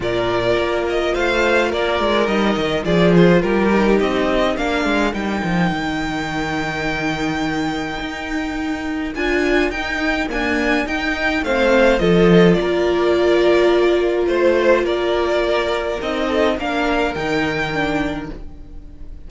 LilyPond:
<<
  \new Staff \with { instrumentName = "violin" } { \time 4/4 \tempo 4 = 105 d''4. dis''8 f''4 d''4 | dis''4 d''8 c''8 ais'4 dis''4 | f''4 g''2.~ | g''1 |
gis''4 g''4 gis''4 g''4 | f''4 dis''4 d''2~ | d''4 c''4 d''2 | dis''4 f''4 g''2 | }
  \new Staff \with { instrumentName = "violin" } { \time 4/4 ais'2 c''4 ais'4~ | ais'4 gis'4 g'2 | ais'1~ | ais'1~ |
ais'1 | c''4 a'4 ais'2~ | ais'4 c''4 ais'2~ | ais'8 a'8 ais'2. | }
  \new Staff \with { instrumentName = "viola" } { \time 4/4 f'1 | dis'4 f'4. dis'4. | d'4 dis'2.~ | dis'1 |
f'4 dis'4 ais4 dis'4 | c'4 f'2.~ | f'1 | dis'4 d'4 dis'4 d'4 | }
  \new Staff \with { instrumentName = "cello" } { \time 4/4 ais,4 ais4 a4 ais8 gis8 | g8 dis8 f4 g4 c'4 | ais8 gis8 g8 f8 dis2~ | dis2 dis'2 |
d'4 dis'4 d'4 dis'4 | a4 f4 ais2~ | ais4 a4 ais2 | c'4 ais4 dis2 | }
>>